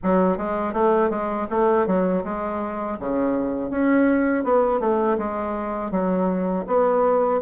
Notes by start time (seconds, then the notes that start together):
0.03 F#3
0.37 G#3
0.73 A3
1.10 G#3
1.49 A3
1.86 F#3
2.24 G#3
2.99 C#3
3.70 C#4
4.44 B3
4.80 A3
5.18 G#3
5.91 F#3
6.67 B3